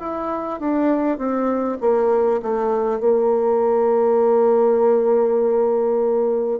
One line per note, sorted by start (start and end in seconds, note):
0.00 0.60 E4
0.60 1.18 D4
1.18 1.78 C4
1.81 2.41 A#3
2.43 3.00 A3
3.00 6.60 A#3